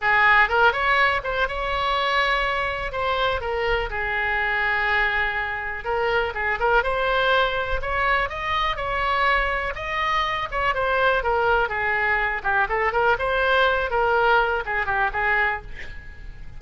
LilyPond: \new Staff \with { instrumentName = "oboe" } { \time 4/4 \tempo 4 = 123 gis'4 ais'8 cis''4 c''8 cis''4~ | cis''2 c''4 ais'4 | gis'1 | ais'4 gis'8 ais'8 c''2 |
cis''4 dis''4 cis''2 | dis''4. cis''8 c''4 ais'4 | gis'4. g'8 a'8 ais'8 c''4~ | c''8 ais'4. gis'8 g'8 gis'4 | }